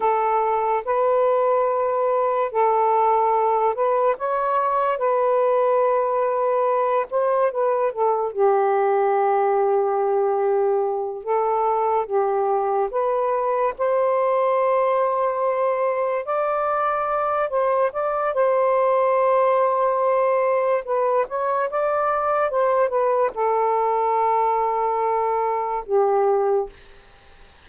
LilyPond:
\new Staff \with { instrumentName = "saxophone" } { \time 4/4 \tempo 4 = 72 a'4 b'2 a'4~ | a'8 b'8 cis''4 b'2~ | b'8 c''8 b'8 a'8 g'2~ | g'4. a'4 g'4 b'8~ |
b'8 c''2. d''8~ | d''4 c''8 d''8 c''2~ | c''4 b'8 cis''8 d''4 c''8 b'8 | a'2. g'4 | }